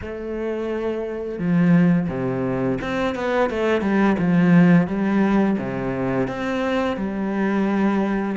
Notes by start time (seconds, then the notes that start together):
0.01 A3
1.38 F3
2.08 C3
2.81 C4
3.15 B3
3.49 A3
3.81 G3
4.18 F3
4.87 G3
5.58 C3
6.27 C4
6.96 G3